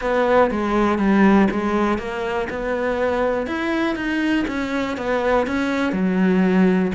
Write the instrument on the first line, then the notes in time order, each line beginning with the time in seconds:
cello
0.01 B3
0.50 G#3
0.98 G3
1.50 G#3
1.98 A#3
2.49 B3
3.47 E4
3.95 D#4
4.47 C#4
4.97 B3
5.47 C#4
5.92 F#3